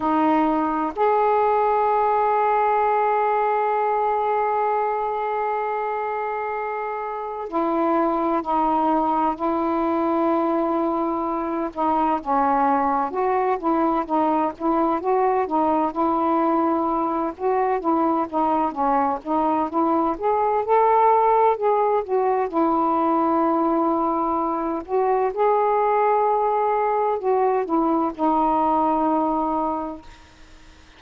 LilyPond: \new Staff \with { instrumentName = "saxophone" } { \time 4/4 \tempo 4 = 64 dis'4 gis'2.~ | gis'1 | e'4 dis'4 e'2~ | e'8 dis'8 cis'4 fis'8 e'8 dis'8 e'8 |
fis'8 dis'8 e'4. fis'8 e'8 dis'8 | cis'8 dis'8 e'8 gis'8 a'4 gis'8 fis'8 | e'2~ e'8 fis'8 gis'4~ | gis'4 fis'8 e'8 dis'2 | }